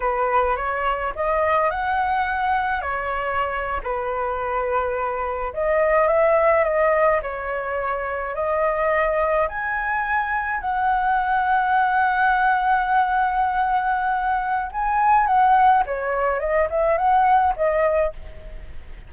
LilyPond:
\new Staff \with { instrumentName = "flute" } { \time 4/4 \tempo 4 = 106 b'4 cis''4 dis''4 fis''4~ | fis''4 cis''4.~ cis''16 b'4~ b'16~ | b'4.~ b'16 dis''4 e''4 dis''16~ | dis''8. cis''2 dis''4~ dis''16~ |
dis''8. gis''2 fis''4~ fis''16~ | fis''1~ | fis''2 gis''4 fis''4 | cis''4 dis''8 e''8 fis''4 dis''4 | }